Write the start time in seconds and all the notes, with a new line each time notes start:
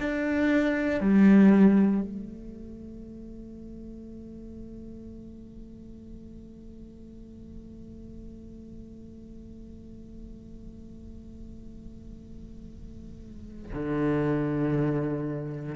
0.00 D4
1.00 G3
2.02 A3
13.73 D3